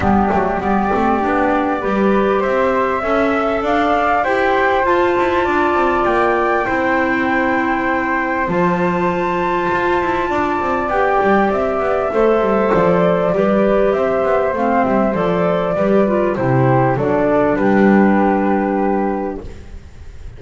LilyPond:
<<
  \new Staff \with { instrumentName = "flute" } { \time 4/4 \tempo 4 = 99 g'4 d''2. | e''2 f''4 g''4 | a''2 g''2~ | g''2 a''2~ |
a''2 g''4 e''4~ | e''4 d''2 e''4 | f''8 e''8 d''2 c''4 | d''4 b'2. | }
  \new Staff \with { instrumentName = "flute" } { \time 4/4 d'4 g'2 b'4 | c''4 e''4 d''4 c''4~ | c''4 d''2 c''4~ | c''1~ |
c''4 d''2. | c''2 b'4 c''4~ | c''2 b'4 g'4 | a'4 g'2. | }
  \new Staff \with { instrumentName = "clarinet" } { \time 4/4 b8 a8 b8 c'8 d'4 g'4~ | g'4 a'2 g'4 | f'2. e'4~ | e'2 f'2~ |
f'2 g'2 | a'2 g'2 | c'4 a'4 g'8 f'8 e'4 | d'1 | }
  \new Staff \with { instrumentName = "double bass" } { \time 4/4 g8 fis8 g8 a8 b4 g4 | c'4 cis'4 d'4 e'4 | f'8 e'8 d'8 c'8 ais4 c'4~ | c'2 f2 |
f'8 e'8 d'8 c'8 b8 g8 c'8 b8 | a8 g8 f4 g4 c'8 b8 | a8 g8 f4 g4 c4 | fis4 g2. | }
>>